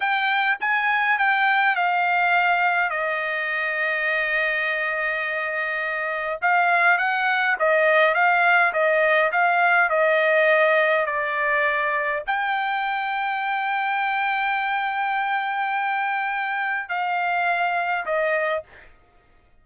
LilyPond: \new Staff \with { instrumentName = "trumpet" } { \time 4/4 \tempo 4 = 103 g''4 gis''4 g''4 f''4~ | f''4 dis''2.~ | dis''2. f''4 | fis''4 dis''4 f''4 dis''4 |
f''4 dis''2 d''4~ | d''4 g''2.~ | g''1~ | g''4 f''2 dis''4 | }